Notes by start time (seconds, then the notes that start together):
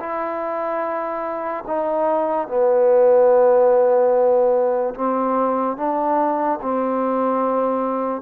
0.00 E4
1.67 D#4
2.48 B3
4.95 C4
5.77 D4
6.62 C4